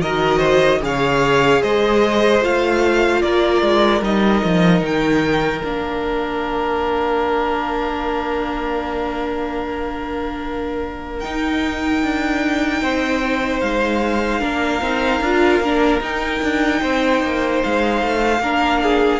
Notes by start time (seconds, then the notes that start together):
0.00 D#3 F#4 A#4 D#5
0.39 C5
0.81 C#3 G#4 C#5 F5
1.62 G#3 C5 D#5
2.41 A3 F4 F5
3.21 A#3 A#4 D5
3.62 G#3
4.01 G3 D#4 D#5
4.44 F3
4.81 D#3 G5
5.64 A#3 D4 F5
11.20 D#4 G5
12.03 D4
12.82 C4 C5
13.60 G#3 F5
14.40 A#3 D4 A#4
14.81 C4 D#4
15.21 D4 F4
15.60 A#3 D4
16.00 D#4 G5
16.42 D4
16.81 C4 C5
17.23 A#3
17.63 G#3 F5
18.02 A3
18.40 A#3 D4 A#4
18.82 G#4